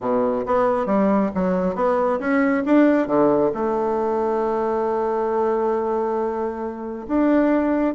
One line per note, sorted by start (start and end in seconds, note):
0.00 0.44 B2
0.46 0.86 B3
0.86 1.30 G3
1.34 1.75 F#3
1.75 2.19 B3
2.19 2.63 C#4
2.65 3.07 D4
3.07 3.51 D3
3.54 7.06 A3
7.07 7.94 D4